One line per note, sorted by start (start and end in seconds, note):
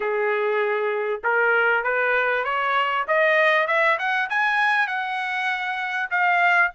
0.00 1.21 G#4
1.23 1.83 A#4
1.83 2.44 B4
2.44 3.05 C#5
3.07 3.67 D#5
3.67 3.98 E5
3.98 4.29 F#5
4.29 4.87 G#5
4.87 6.09 F#5
6.10 6.71 F5